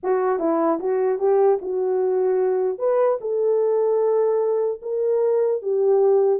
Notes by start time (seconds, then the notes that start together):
0.03 F#4
0.39 E4
0.79 F#4
1.19 G4
1.61 F#4
2.78 B4
3.20 A4
4.82 A#4
5.61 G4